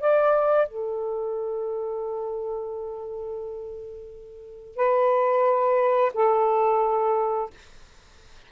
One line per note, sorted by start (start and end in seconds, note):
0.00 0.68 D5
0.68 4.75 A4
4.75 6.12 B4
6.14 7.50 A4